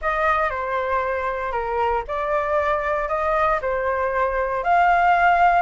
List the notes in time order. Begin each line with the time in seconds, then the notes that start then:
0.01 D#5
0.50 C5
1.52 A#4
2.07 D5
3.08 D#5
3.61 C5
4.63 F5